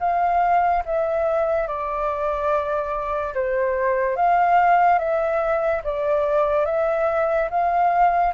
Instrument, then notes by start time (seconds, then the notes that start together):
flute
0.00 F5
0.86 E5
1.67 D5
3.34 C5
4.16 F5
4.98 E5
5.84 D5
6.66 E5
7.50 F5